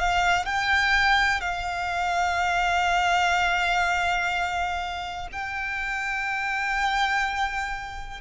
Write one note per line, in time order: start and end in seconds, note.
0.00 0.46 F5
0.46 1.41 G5
1.41 5.28 F5
5.33 8.21 G5